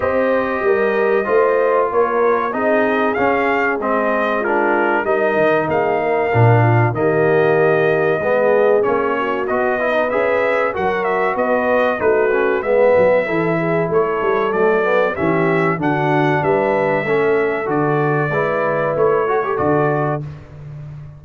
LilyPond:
<<
  \new Staff \with { instrumentName = "trumpet" } { \time 4/4 \tempo 4 = 95 dis''2. cis''4 | dis''4 f''4 dis''4 ais'4 | dis''4 f''2 dis''4~ | dis''2 cis''4 dis''4 |
e''4 fis''8 e''8 dis''4 b'4 | e''2 cis''4 d''4 | e''4 fis''4 e''2 | d''2 cis''4 d''4 | }
  \new Staff \with { instrumentName = "horn" } { \time 4/4 c''4 ais'4 c''4 ais'4 | gis'2. f'4 | ais'4 gis'8 ais'4 f'8 g'4~ | g'4 gis'4. fis'4 b'8~ |
b'4 ais'4 b'4 fis'4 | b'4 a'8 gis'8 a'2 | g'4 fis'4 b'4 a'4~ | a'4 b'4. a'4. | }
  \new Staff \with { instrumentName = "trombone" } { \time 4/4 g'2 f'2 | dis'4 cis'4 c'4 d'4 | dis'2 d'4 ais4~ | ais4 b4 cis'4 fis'8 e'16 dis'16 |
gis'4 fis'2 dis'8 cis'8 | b4 e'2 a8 b8 | cis'4 d'2 cis'4 | fis'4 e'4. fis'16 g'16 fis'4 | }
  \new Staff \with { instrumentName = "tuba" } { \time 4/4 c'4 g4 a4 ais4 | c'4 cis'4 gis2 | g8 dis8 ais4 ais,4 dis4~ | dis4 gis4 ais4 b4 |
cis'4 fis4 b4 a4 | gis8 fis8 e4 a8 g8 fis4 | e4 d4 g4 a4 | d4 gis4 a4 d4 | }
>>